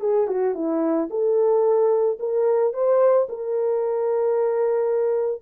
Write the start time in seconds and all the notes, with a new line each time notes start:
0.00 G#4
0.27 F#4
0.54 E4
1.10 A4
2.19 A#4
2.73 C5
3.29 A#4